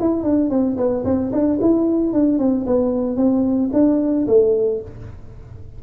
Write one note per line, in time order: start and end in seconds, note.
0.00 0.23 E4
0.23 0.50 D4
0.50 0.77 C4
0.77 1.04 B3
1.05 1.32 C4
1.32 1.59 D4
1.61 2.13 E4
2.13 2.39 D4
2.39 2.66 C4
2.66 3.17 B3
3.17 3.71 C4
3.73 4.27 D4
4.28 4.81 A3